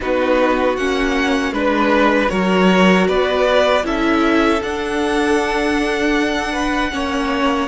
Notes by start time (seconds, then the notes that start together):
0.00 B3 D#4 F#4 B4
0.76 A#3 C#4 F#5
1.51 G#3 D4 B4
2.28 F#3 F#4 A#4 C#5
3.08 B3 B4 D5
3.83 C#4 E4 A4 E5
4.62 D4 F#5
6.52 B4
6.90 A#3 C#4 C#5